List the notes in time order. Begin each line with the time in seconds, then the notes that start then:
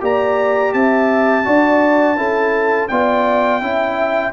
0.00 A#3 G4 D5 A#5
0.73 C4 E5 A5
1.44 D4 F#4 D5
2.16 C#4 E4 A4
2.88 B3 F4 D5 G5
3.61 C#4 E4 E5